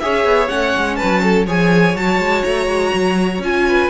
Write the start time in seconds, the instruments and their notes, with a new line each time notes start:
0.00 cello C#4, viola G#4, violin C#5 E5
0.25 cello B3
0.48 cello A3, viola C#4, violin F#5
0.77 cello G#3
0.96 violin B4 A5
1.04 cello F#3
1.23 violin A4
1.46 cello F3, viola G#4, violin C#5 G#5
1.96 cello F#3, viola F#4, violin A5
2.19 cello G#3
2.44 cello A3, violin A#5
2.67 cello G#3
2.94 cello F#3
3.39 cello C#4, viola F4, violin G#5
3.68 violin B4